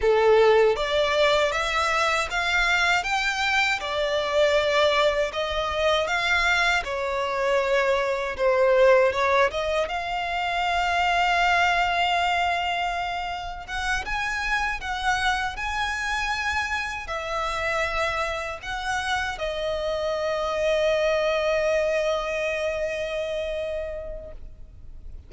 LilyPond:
\new Staff \with { instrumentName = "violin" } { \time 4/4 \tempo 4 = 79 a'4 d''4 e''4 f''4 | g''4 d''2 dis''4 | f''4 cis''2 c''4 | cis''8 dis''8 f''2.~ |
f''2 fis''8 gis''4 fis''8~ | fis''8 gis''2 e''4.~ | e''8 fis''4 dis''2~ dis''8~ | dis''1 | }